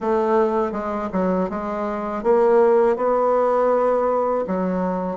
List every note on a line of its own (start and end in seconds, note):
0.00 0.72 A3
0.72 1.09 G#3
1.12 1.49 F#3
1.49 2.23 G#3
2.23 2.96 A#3
2.96 4.44 B3
4.47 5.17 F#3